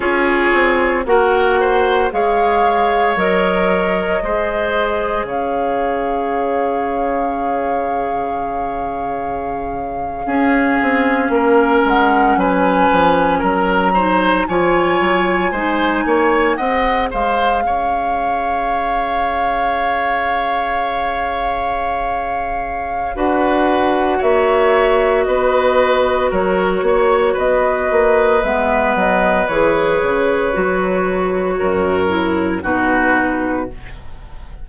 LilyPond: <<
  \new Staff \with { instrumentName = "flute" } { \time 4/4 \tempo 4 = 57 cis''4 fis''4 f''4 dis''4~ | dis''4 f''2.~ | f''2.~ f''16 fis''8 gis''16~ | gis''8. ais''4 gis''2 fis''16~ |
fis''16 f''2.~ f''8.~ | f''2 fis''4 e''4 | dis''4 cis''4 dis''4 e''8 dis''8 | cis''2. b'4 | }
  \new Staff \with { instrumentName = "oboe" } { \time 4/4 gis'4 ais'8 c''8 cis''2 | c''4 cis''2.~ | cis''4.~ cis''16 gis'4 ais'4 b'16~ | b'8. ais'8 c''8 cis''4 c''8 cis''8 dis''16~ |
dis''16 c''8 cis''2.~ cis''16~ | cis''2 b'4 cis''4 | b'4 ais'8 cis''8 b'2~ | b'2 ais'4 fis'4 | }
  \new Staff \with { instrumentName = "clarinet" } { \time 4/4 f'4 fis'4 gis'4 ais'4 | gis'1~ | gis'4.~ gis'16 cis'2~ cis'16~ | cis'4~ cis'16 dis'8 f'4 dis'4 gis'16~ |
gis'1~ | gis'2 fis'2~ | fis'2. b4 | gis'4 fis'4. e'8 dis'4 | }
  \new Staff \with { instrumentName = "bassoon" } { \time 4/4 cis'8 c'8 ais4 gis4 fis4 | gis4 cis2.~ | cis4.~ cis16 cis'8 c'8 ais8 gis8 fis16~ | fis16 f8 fis4 f8 fis8 gis8 ais8 c'16~ |
c'16 gis8 cis'2.~ cis'16~ | cis'2 d'4 ais4 | b4 fis8 ais8 b8 ais8 gis8 fis8 | e8 cis8 fis4 fis,4 b,4 | }
>>